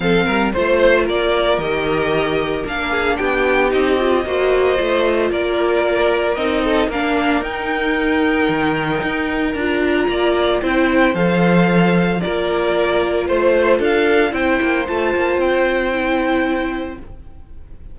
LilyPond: <<
  \new Staff \with { instrumentName = "violin" } { \time 4/4 \tempo 4 = 113 f''4 c''4 d''4 dis''4~ | dis''4 f''4 g''4 dis''4~ | dis''2 d''2 | dis''4 f''4 g''2~ |
g''2 ais''2 | g''4 f''2 d''4~ | d''4 c''4 f''4 g''4 | a''4 g''2. | }
  \new Staff \with { instrumentName = "violin" } { \time 4/4 a'8 ais'8 c''4 ais'2~ | ais'4. gis'8 g'2 | c''2 ais'2~ | ais'8 a'8 ais'2.~ |
ais'2. d''4 | c''2. ais'4~ | ais'4 c''4 a'4 c''4~ | c''1 | }
  \new Staff \with { instrumentName = "viola" } { \time 4/4 c'4 f'2 g'4~ | g'4 d'2 dis'8 f'8 | fis'4 f'2. | dis'4 d'4 dis'2~ |
dis'2 f'2 | e'4 a'2 f'4~ | f'2. e'4 | f'2 e'2 | }
  \new Staff \with { instrumentName = "cello" } { \time 4/4 f8 g8 a4 ais4 dis4~ | dis4 ais4 b4 c'4 | ais4 a4 ais2 | c'4 ais4 dis'2 |
dis4 dis'4 d'4 ais4 | c'4 f2 ais4~ | ais4 a4 d'4 c'8 ais8 | a8 ais8 c'2. | }
>>